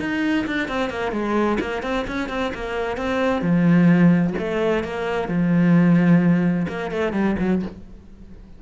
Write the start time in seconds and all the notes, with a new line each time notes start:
0.00 D#4
0.47 D4
0.68 C4
0.90 A#3
1.12 G#3
1.60 A#3
1.83 C4
2.08 C#4
2.29 C4
2.54 A#3
2.97 C4
3.42 F3
4.38 A3
4.84 A#3
5.28 F3
6.68 A#3
6.91 A3
7.13 G3
7.39 F#3